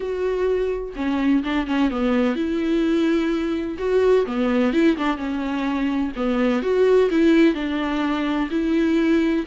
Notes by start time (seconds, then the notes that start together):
0.00 F#4
0.96 C#4
1.43 D4
1.66 C#4
1.90 B3
2.35 E4
3.78 F#4
4.26 B3
4.73 E4
4.97 D4
5.17 C#4
6.16 B3
6.62 F#4
7.10 E4
7.54 D4
8.50 E4